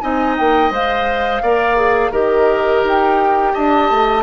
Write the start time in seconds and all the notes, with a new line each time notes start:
0.00 C4 D#4 D#5 G#5
0.37 A#3 G5
0.71 G#3 C5 F5
1.42 A#3 A#4 D5
1.76 G#4
2.11 D#3 G4 A#4 D#5
2.83 D#4 G5
3.54 D4 D#5 A5
3.91 A3